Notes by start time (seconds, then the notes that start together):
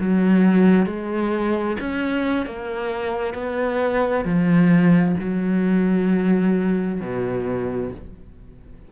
0.00 F#3
0.86 G#3
1.80 C#4
2.46 A#3
3.34 B3
4.25 F3
5.20 F#3
7.01 B2